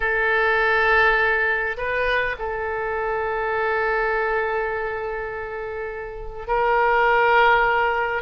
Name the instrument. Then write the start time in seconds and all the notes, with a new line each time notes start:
oboe
0.00 A4
1.77 B4
2.38 A4
6.47 A#4